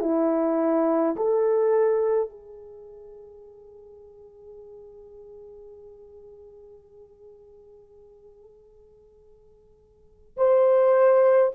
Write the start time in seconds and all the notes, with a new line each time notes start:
0.00 E4
1.16 A4
2.29 G#4
10.37 C5